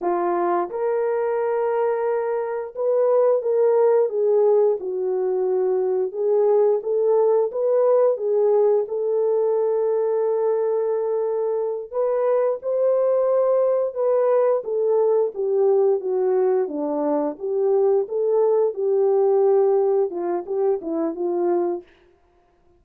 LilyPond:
\new Staff \with { instrumentName = "horn" } { \time 4/4 \tempo 4 = 88 f'4 ais'2. | b'4 ais'4 gis'4 fis'4~ | fis'4 gis'4 a'4 b'4 | gis'4 a'2.~ |
a'4. b'4 c''4.~ | c''8 b'4 a'4 g'4 fis'8~ | fis'8 d'4 g'4 a'4 g'8~ | g'4. f'8 g'8 e'8 f'4 | }